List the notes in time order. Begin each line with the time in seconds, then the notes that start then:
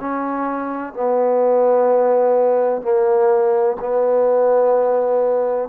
0.00 C#4
0.94 B3
2.82 A#3
3.80 B3